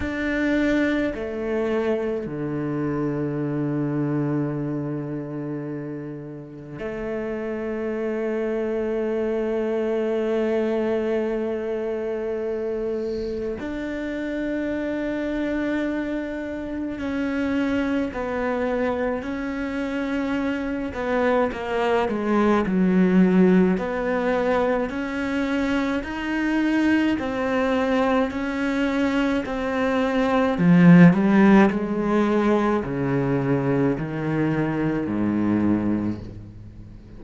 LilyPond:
\new Staff \with { instrumentName = "cello" } { \time 4/4 \tempo 4 = 53 d'4 a4 d2~ | d2 a2~ | a1 | d'2. cis'4 |
b4 cis'4. b8 ais8 gis8 | fis4 b4 cis'4 dis'4 | c'4 cis'4 c'4 f8 g8 | gis4 cis4 dis4 gis,4 | }